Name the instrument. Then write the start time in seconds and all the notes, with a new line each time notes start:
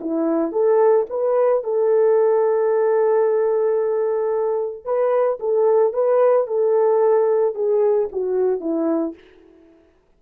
horn
0.00 E4
0.52 A4
1.10 B4
1.63 A4
4.85 B4
5.40 A4
5.93 B4
6.47 A4
7.55 G#4
8.12 F#4
8.60 E4